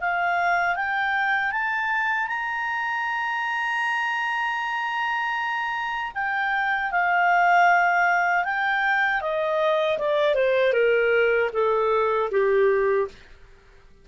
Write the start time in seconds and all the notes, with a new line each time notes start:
0.00 F5
0.75 G5
1.51 A5
2.27 A#5
6.14 G5
6.91 F5
8.44 G5
9.21 D#5
9.98 D5
10.35 C5
10.73 A#4
11.53 A4
12.31 G4